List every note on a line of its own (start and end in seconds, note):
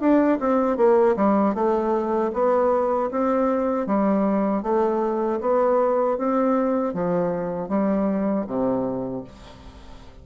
0.00 0.38 D4
0.40 0.77 C4
0.77 1.15 A#3
1.16 1.54 G3
1.54 2.31 A3
2.33 3.10 B3
3.11 3.86 C4
3.86 4.63 G3
4.63 5.40 A3
5.41 6.17 B3
6.18 6.94 C4
6.94 7.69 F3
7.69 8.45 G3
8.47 9.24 C3